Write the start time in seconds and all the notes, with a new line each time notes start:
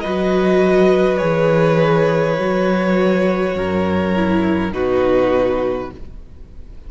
0.00 F#3 F#4 B4 D#5
1.17 E3 G#4 C#5
2.38 F#3 F#4
3.55 F#2 A#4
4.15 E4
4.72 B2 D#4 F#4 B4